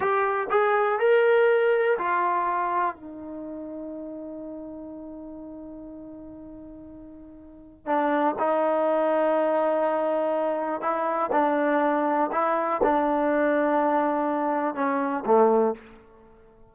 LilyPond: \new Staff \with { instrumentName = "trombone" } { \time 4/4 \tempo 4 = 122 g'4 gis'4 ais'2 | f'2 dis'2~ | dis'1~ | dis'1 |
d'4 dis'2.~ | dis'2 e'4 d'4~ | d'4 e'4 d'2~ | d'2 cis'4 a4 | }